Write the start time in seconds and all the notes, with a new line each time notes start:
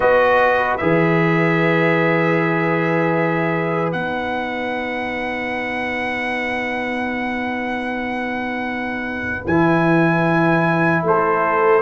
0.00 B3 F#4 B4 D#5
0.77 E3 G#4 E5
3.91 B3 D#4 F#5
9.46 E3 E4 G#5
11.02 A3 A4 C5